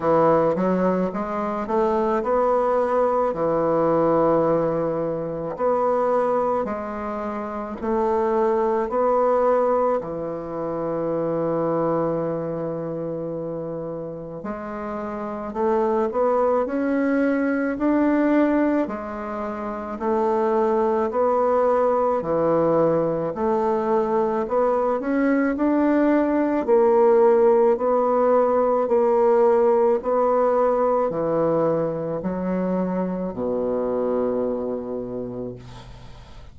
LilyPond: \new Staff \with { instrumentName = "bassoon" } { \time 4/4 \tempo 4 = 54 e8 fis8 gis8 a8 b4 e4~ | e4 b4 gis4 a4 | b4 e2.~ | e4 gis4 a8 b8 cis'4 |
d'4 gis4 a4 b4 | e4 a4 b8 cis'8 d'4 | ais4 b4 ais4 b4 | e4 fis4 b,2 | }